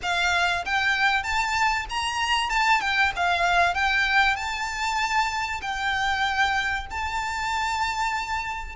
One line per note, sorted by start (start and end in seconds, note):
0.02 0.64 F5
0.65 1.23 G5
1.23 1.85 A5
1.89 2.49 A#5
2.49 2.80 A5
2.80 3.11 G5
3.16 3.74 F5
3.74 4.36 G5
4.36 5.61 A5
5.61 6.86 G5
6.90 8.75 A5